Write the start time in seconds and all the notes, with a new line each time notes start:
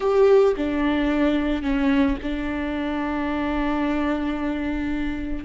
0.00 G4
0.57 D4
1.62 C#4
2.22 D4